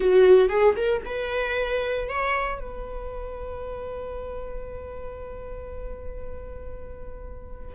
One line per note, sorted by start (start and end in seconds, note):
0.00 0.49 F#4
0.49 0.75 G#4
0.76 1.02 A#4
1.05 2.08 B4
2.09 2.60 C#5
2.60 7.75 B4